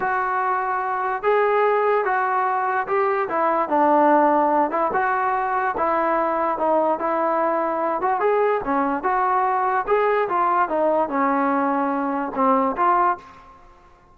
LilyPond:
\new Staff \with { instrumentName = "trombone" } { \time 4/4 \tempo 4 = 146 fis'2. gis'4~ | gis'4 fis'2 g'4 | e'4 d'2~ d'8 e'8 | fis'2 e'2 |
dis'4 e'2~ e'8 fis'8 | gis'4 cis'4 fis'2 | gis'4 f'4 dis'4 cis'4~ | cis'2 c'4 f'4 | }